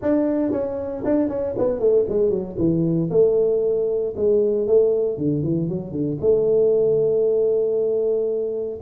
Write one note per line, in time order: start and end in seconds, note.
0.02 0.51 D4
0.51 1.03 C#4
1.05 1.29 D4
1.29 1.54 C#4
1.58 1.79 B3
1.79 2.05 A3
2.08 2.30 G#3
2.30 2.56 F#3
2.57 3.09 E3
3.10 4.14 A3
4.16 4.67 G#3
4.67 5.17 A3
5.17 5.42 D3
5.42 5.68 E3
5.68 5.91 F#3
5.91 6.17 D3
6.20 8.79 A3